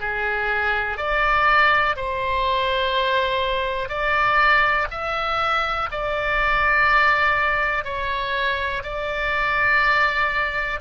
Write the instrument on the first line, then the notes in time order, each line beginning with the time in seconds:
oboe
0.00 G#4
0.97 D5
1.96 C5
3.89 D5
4.91 E5
5.91 D5
7.84 C#5
8.83 D5